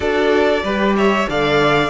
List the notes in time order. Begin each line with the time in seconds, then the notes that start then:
0.00 D4 F#4 A4 D5
0.63 G3 G4 B4
0.96 C#5 E5
1.28 D3 A4 D5 F5